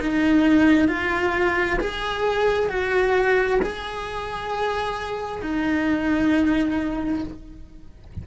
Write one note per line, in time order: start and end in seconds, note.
0.00 0.88 D#4
0.88 1.79 F4
1.80 2.69 G#4
2.69 3.60 F#4
3.62 5.42 G#4
5.42 7.24 D#4